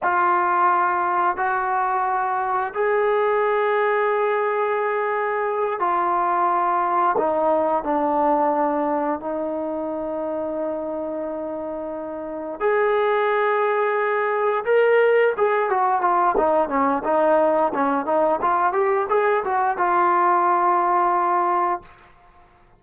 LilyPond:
\new Staff \with { instrumentName = "trombone" } { \time 4/4 \tempo 4 = 88 f'2 fis'2 | gis'1~ | gis'8 f'2 dis'4 d'8~ | d'4. dis'2~ dis'8~ |
dis'2~ dis'8 gis'4.~ | gis'4. ais'4 gis'8 fis'8 f'8 | dis'8 cis'8 dis'4 cis'8 dis'8 f'8 g'8 | gis'8 fis'8 f'2. | }